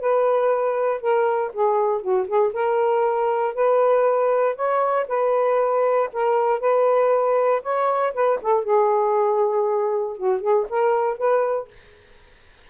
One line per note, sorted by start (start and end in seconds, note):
0.00 1.01 B4
1.01 1.52 A#4
1.53 2.02 G#4
2.02 2.27 F#4
2.27 2.53 G#4
2.54 3.55 A#4
3.55 4.56 B4
4.56 5.07 C#5
5.08 6.10 B4
6.13 6.60 A#4
6.60 7.62 B4
7.62 8.13 C#5
8.14 8.40 B4
8.42 8.64 A4
8.64 10.17 G#4
10.17 10.41 F#4
10.41 10.66 G#4
10.69 11.18 A#4
11.18 11.69 B4